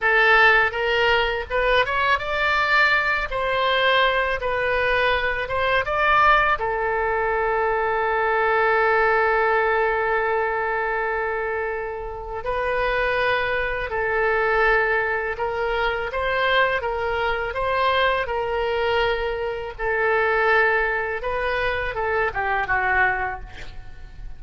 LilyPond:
\new Staff \with { instrumentName = "oboe" } { \time 4/4 \tempo 4 = 82 a'4 ais'4 b'8 cis''8 d''4~ | d''8 c''4. b'4. c''8 | d''4 a'2.~ | a'1~ |
a'4 b'2 a'4~ | a'4 ais'4 c''4 ais'4 | c''4 ais'2 a'4~ | a'4 b'4 a'8 g'8 fis'4 | }